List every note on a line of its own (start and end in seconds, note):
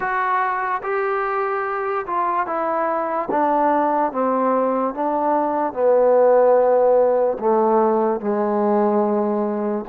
0.00 0.81 F#4
0.82 2.05 G4
2.06 2.46 F4
2.46 3.28 E4
3.30 4.12 D4
4.12 4.94 C4
4.94 5.73 D4
5.73 7.37 B3
7.39 8.20 A3
8.20 9.84 G#3